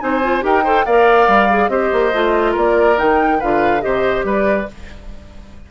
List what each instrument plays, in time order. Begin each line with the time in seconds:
0.00 bassoon C4, clarinet D#4, oboe C5, flute G#5
0.23 clarinet F4
0.41 bassoon D#4, clarinet G4, oboe A#4, flute G5
0.64 clarinet A4, oboe C5
0.86 bassoon A#3, clarinet A#4, oboe D5, flute F5
1.28 bassoon G3
1.51 clarinet G#4
1.69 bassoon C4, clarinet G4, oboe C5, flute D#5
1.93 bassoon A#3
2.14 bassoon A3, clarinet F4
2.52 bassoon A#3, oboe A#4, flute D5
2.96 bassoon D#3, clarinet D#4, flute G5
3.40 bassoon D3, clarinet F4, oboe B4, flute F5
3.81 bassoon C3, clarinet G4, oboe C5, flute D#5
4.24 bassoon G3, oboe B4, flute D5